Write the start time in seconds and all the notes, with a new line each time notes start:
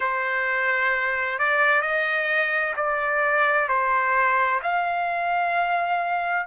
0.00 C5
1.38 D5
1.81 D#5
2.76 D5
3.68 C5
4.62 F5